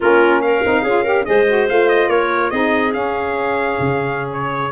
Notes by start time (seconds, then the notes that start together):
0.00 A#3 C#4 F4 A#4
0.41 A#4 F5
0.64 C4 D#4
0.82 C#4 F4 G#4
1.03 G4 A#4
1.24 G#3 G#4 C5 D#5
1.47 F#4
1.68 A3 F4 F5
1.89 D#5
2.08 A#3 A#4 C#5
2.50 C4 D#4 G#4 D#5
2.92 C#4 F5
3.79 C#3
4.32 C#5